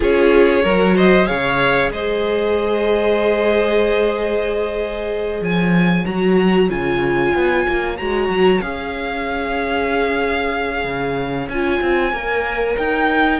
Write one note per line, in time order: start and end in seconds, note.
0.00 0.64 C#4
0.00 0.62 F4
0.00 0.62 G#4
0.00 0.97 C#5
0.62 1.28 F#3
0.62 1.26 F#4
0.62 0.94 A#4
0.95 1.27 C5
0.95 1.26 D#5
1.26 1.90 C#3
1.26 6.04 G#4
1.26 1.91 C#5
1.26 1.90 F5
1.90 5.40 G#3
1.90 5.41 C5
1.90 5.43 D#5
5.40 6.04 F3
5.40 13.39 C#5
5.40 6.05 G#5
6.05 6.69 F#3
6.05 6.69 F#4
6.05 6.69 A#5
6.69 7.33 C#3
6.69 7.96 F4
6.69 7.97 G#5
7.34 7.66 B3
7.67 7.99 A#3
7.97 8.28 G#3
7.97 8.62 F#4
7.97 8.61 A#5
8.28 8.60 F#3
8.61 10.84 C#4
8.61 11.50 G#4
8.61 11.48 F5
10.84 11.47 C#3
11.47 11.79 C#4
11.47 12.13 F4
11.47 12.77 G#5
11.81 12.12 C4
12.12 12.76 A#3
12.12 13.39 A#4
12.77 13.39 D#4
12.77 13.39 G5